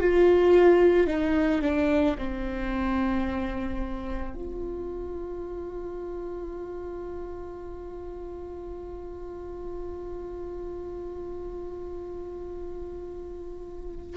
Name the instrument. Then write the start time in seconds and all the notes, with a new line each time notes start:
viola
0.00 F4
1.07 D#4
1.62 D4
2.17 C4
4.34 F4